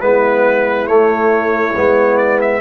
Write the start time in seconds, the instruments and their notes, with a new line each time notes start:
0.00 tuba G#3, trombone B3, horn E4, trumpet B4
0.87 trombone A3, tuba A3, trumpet C#5
1.75 tuba G#3, trombone B3
2.17 trumpet D5
2.41 trumpet E5